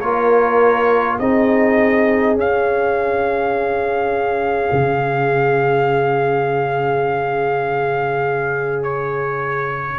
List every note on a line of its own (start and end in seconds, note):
0.00 1.18 A#3
0.00 1.21 F4
0.00 1.18 A#4
0.00 1.18 C#5
1.19 2.34 C4
1.19 2.37 D#4
1.19 9.99 G#4
1.19 2.37 D#5
2.34 4.70 C#4
2.34 9.99 C#4
2.34 8.83 F5
4.72 9.99 C#3
8.83 9.99 C#5